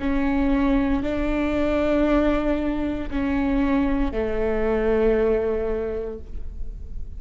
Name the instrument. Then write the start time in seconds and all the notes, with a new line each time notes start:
viola
0.00 C#4
1.03 D4
3.11 C#4
4.12 A3